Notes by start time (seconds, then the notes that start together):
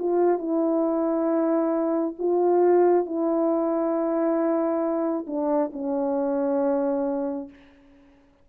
0.00 F4
0.39 E4
2.19 F4
3.06 E4
5.27 D4
5.73 C#4